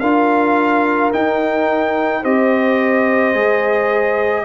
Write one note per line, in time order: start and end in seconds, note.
0.00 1.12 D4
0.00 1.12 F4
0.00 2.22 A#4
0.00 1.11 F5
1.12 2.23 D#4
1.12 2.25 D#4
1.12 2.24 G5
2.22 3.34 C4
2.22 3.34 G4
2.22 4.44 C5
2.22 4.45 D#5
3.34 4.45 G#3
3.34 4.45 G#4